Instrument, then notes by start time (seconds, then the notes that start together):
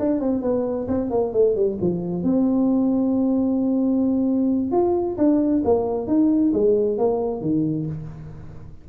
tuba
0.00 D4
0.20 C4
0.42 B3
0.88 C4
1.11 A#3
1.33 A3
1.56 G3
1.81 F3
2.24 C4
4.72 F4
5.18 D4
5.65 A#3
6.07 D#4
6.54 G#3
6.98 A#3
7.41 D#3